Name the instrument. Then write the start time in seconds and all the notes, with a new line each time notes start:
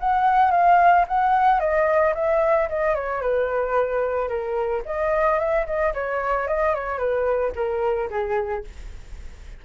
flute
0.00 F#5
0.51 F5
1.08 F#5
1.60 D#5
2.15 E5
2.69 D#5
2.95 C#5
3.21 B4
4.29 A#4
4.86 D#5
5.39 E5
5.66 D#5
5.94 C#5
6.48 D#5
6.75 C#5
6.99 B4
7.56 A#4
8.11 G#4